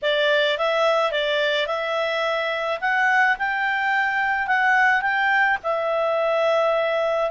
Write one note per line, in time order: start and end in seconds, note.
0.02 0.58 D5
0.58 1.11 E5
1.11 1.66 D5
1.66 2.79 E5
2.80 3.36 F#5
3.38 4.47 G5
4.47 5.01 F#5
5.01 5.57 G5
5.63 7.30 E5